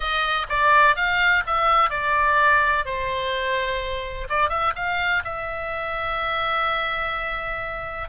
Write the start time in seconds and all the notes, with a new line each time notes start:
0.00 D#5
0.49 D5
0.96 F5
1.46 E5
1.90 D5
2.85 C5
4.29 D5
4.49 E5
4.75 F5
5.24 E5